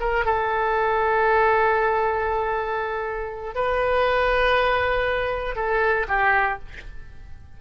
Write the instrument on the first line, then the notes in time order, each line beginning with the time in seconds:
oboe
0.00 A#4
0.25 A4
3.55 B4
5.56 A4
6.08 G4